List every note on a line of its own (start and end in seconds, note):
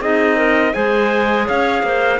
0.00 0.74 C4
0.00 0.73 D#4
0.00 0.36 G#4
0.00 0.73 D#5
0.36 0.72 A#4
0.73 1.49 G#3
0.73 2.19 G#4
0.73 1.46 C5
0.73 1.46 G#5
1.46 1.83 C#4
1.46 1.83 C#5
1.46 2.19 F5
1.83 2.19 A#3
1.83 2.19 C5